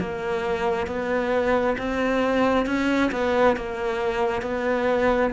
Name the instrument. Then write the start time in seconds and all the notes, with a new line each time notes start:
cello
0.00 A#3
0.88 B3
1.78 C4
2.67 C#4
3.12 B3
3.57 A#3
4.42 B3